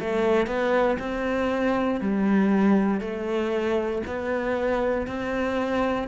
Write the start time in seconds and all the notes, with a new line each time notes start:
0.00 A3
0.46 B3
0.99 C4
2.00 G3
3.00 A3
4.07 B3
5.07 C4